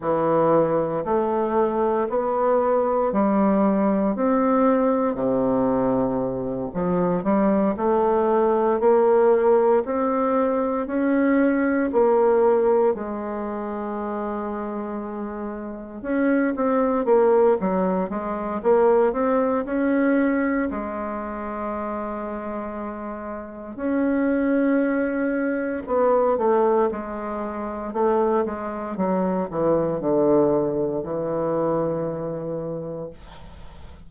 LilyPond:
\new Staff \with { instrumentName = "bassoon" } { \time 4/4 \tempo 4 = 58 e4 a4 b4 g4 | c'4 c4. f8 g8 a8~ | a8 ais4 c'4 cis'4 ais8~ | ais8 gis2. cis'8 |
c'8 ais8 fis8 gis8 ais8 c'8 cis'4 | gis2. cis'4~ | cis'4 b8 a8 gis4 a8 gis8 | fis8 e8 d4 e2 | }